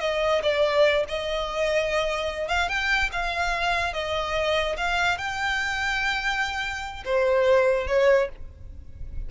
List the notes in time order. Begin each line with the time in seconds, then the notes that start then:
0.00 D#5
0.42 D5
1.08 D#5
2.48 F5
2.68 G5
3.12 F5
3.93 D#5
4.77 F5
5.17 G5
7.05 C5
7.87 C#5